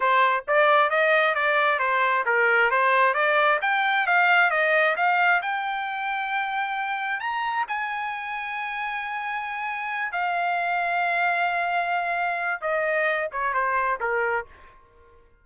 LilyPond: \new Staff \with { instrumentName = "trumpet" } { \time 4/4 \tempo 4 = 133 c''4 d''4 dis''4 d''4 | c''4 ais'4 c''4 d''4 | g''4 f''4 dis''4 f''4 | g''1 |
ais''4 gis''2.~ | gis''2~ gis''8 f''4.~ | f''1 | dis''4. cis''8 c''4 ais'4 | }